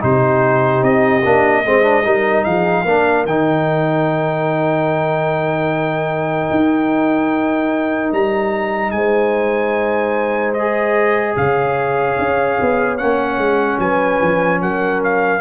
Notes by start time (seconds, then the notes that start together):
0.00 C3 D#4 G4 C5
0.82 C4 D#5
1.24 A#3 D4
1.65 G#3 C4 C5
1.83 D4
2.04 G3 D#4 A#4
2.44 F3 G#4 F5
2.82 A#3 D4 A#4
3.26 D#3 D#4 G5
6.50 D#4
8.12 G3 A#5
8.91 G#3 C5 G#5
10.54 G#4 D#5
11.36 C#3 C#5 F5
12.18 C#4
12.61 B3
12.98 A#3 C#4 F#5
13.37 G#3
13.79 F#3 B4 G#5
14.21 F3
14.61 F#3 A#4 F#5
15.04 F5